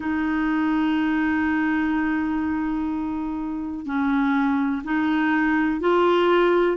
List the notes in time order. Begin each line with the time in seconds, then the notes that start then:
0.00 D#4
3.85 C#4
4.84 D#4
5.80 F4